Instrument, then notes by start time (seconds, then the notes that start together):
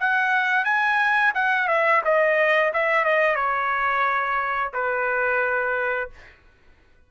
trumpet
0.00 F#5
0.64 G#5
1.35 F#5
1.68 E5
2.05 D#5
2.73 E5
3.04 D#5
3.35 C#5
4.73 B4